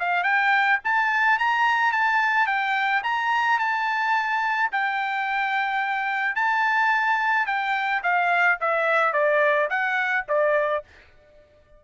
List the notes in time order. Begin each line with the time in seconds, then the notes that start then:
0.00 F5
0.24 G5
0.84 A5
1.39 A#5
1.93 A5
2.47 G5
3.04 A#5
3.60 A5
4.72 G5
6.36 A5
7.47 G5
8.04 F5
8.61 E5
9.13 D5
9.70 F#5
10.29 D5